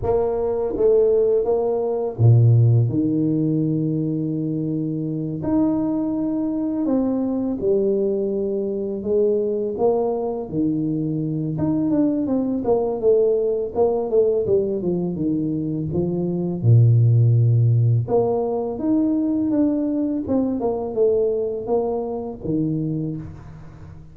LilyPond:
\new Staff \with { instrumentName = "tuba" } { \time 4/4 \tempo 4 = 83 ais4 a4 ais4 ais,4 | dis2.~ dis8 dis'8~ | dis'4. c'4 g4.~ | g8 gis4 ais4 dis4. |
dis'8 d'8 c'8 ais8 a4 ais8 a8 | g8 f8 dis4 f4 ais,4~ | ais,4 ais4 dis'4 d'4 | c'8 ais8 a4 ais4 dis4 | }